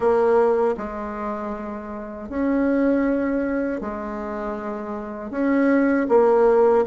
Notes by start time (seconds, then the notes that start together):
0.00 A#3
0.77 G#3
2.29 C#4
3.80 G#3
5.30 C#4
6.08 A#3